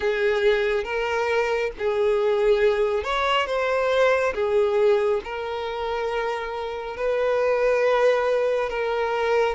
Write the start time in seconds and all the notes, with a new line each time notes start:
0.00 G#4
0.84 A#4
1.78 G#4
3.03 C#5
3.46 C5
4.34 G#4
5.24 A#4
6.96 B4
8.69 A#4